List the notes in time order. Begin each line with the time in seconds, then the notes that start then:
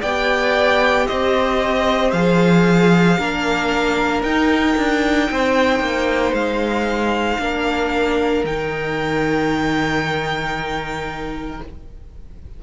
0.00 B3 G4 D5 G5
1.06 C4 C5 D#5
2.11 F3 G#4 F5
3.18 A#3 D4 A#4
4.22 D#4 G5
4.77 D4
5.31 C4 C5
5.80 A#3
6.32 G#3 F5
7.39 A#3 D4 A#4
8.44 D#3 D#4 G5